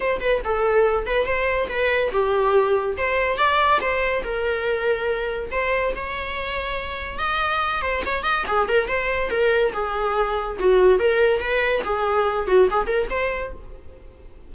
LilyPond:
\new Staff \with { instrumentName = "viola" } { \time 4/4 \tempo 4 = 142 c''8 b'8 a'4. b'8 c''4 | b'4 g'2 c''4 | d''4 c''4 ais'2~ | ais'4 c''4 cis''2~ |
cis''4 dis''4. c''8 cis''8 dis''8 | gis'8 ais'8 c''4 ais'4 gis'4~ | gis'4 fis'4 ais'4 b'4 | gis'4. fis'8 gis'8 ais'8 c''4 | }